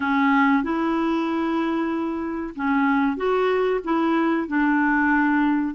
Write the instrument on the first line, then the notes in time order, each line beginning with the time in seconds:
clarinet
0.00 C#4
0.63 E4
2.55 C#4
3.16 F#4
3.84 E4
4.47 D4